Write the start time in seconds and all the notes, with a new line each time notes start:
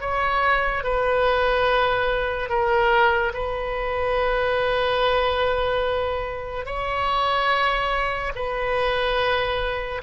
0.00 C#5
0.83 B4
2.49 A#4
3.33 B4
6.65 C#5
8.35 B4